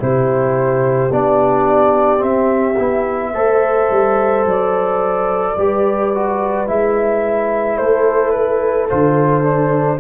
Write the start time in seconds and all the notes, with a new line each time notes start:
0.00 C3 E4 G4 C5
1.12 B3 D4 D5
2.18 C4 E5
2.79 B3 E4
3.35 A3 A4 C5
3.91 G3
4.46 F#3 D5
5.57 G3 G4 B4
6.15 F#4
6.67 G#3 E4 E5
7.78 A3 A4 C5
8.31 B4
8.90 D3 F4 C5
9.43 D4